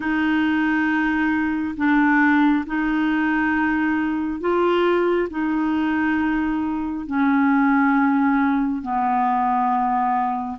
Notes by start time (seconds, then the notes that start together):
0.00 D#4
1.76 D4
2.66 D#4
4.40 F4
5.29 D#4
7.06 C#4
8.82 B3